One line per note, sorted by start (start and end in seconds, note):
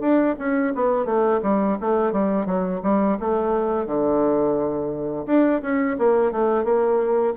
0.00 0.35 D4
0.38 0.73 C#4
0.75 1.05 B3
1.05 1.40 A3
1.42 1.77 G3
1.80 2.12 A3
2.12 2.45 G3
2.45 2.80 F#3
2.83 3.17 G3
3.19 3.86 A3
3.86 5.25 D3
5.26 5.61 D4
5.62 5.97 C#4
5.98 6.31 A#3
6.31 6.64 A3
6.64 7.34 A#3